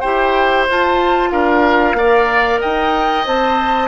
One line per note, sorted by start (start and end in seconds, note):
0.00 0.69 E4
0.00 0.68 G4
0.00 1.30 C5
0.00 0.65 G5
0.69 1.32 F4
0.69 1.98 F4
0.69 1.31 A5
1.31 1.94 D4
1.31 1.96 A#4
1.31 2.60 F5
1.94 2.58 A#3
1.94 3.24 A#4
1.94 2.60 D5
2.60 3.27 D#4
2.60 3.88 D#5
2.60 3.26 G5
3.24 3.88 C4
3.24 3.88 C5
3.24 3.88 A5